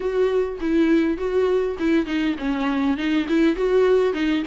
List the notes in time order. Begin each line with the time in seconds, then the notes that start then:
0.00 F#4
0.60 E4
1.17 F#4
1.79 E4
2.05 D#4
2.38 C#4
2.97 D#4
3.28 E4
3.56 F#4
4.13 D#4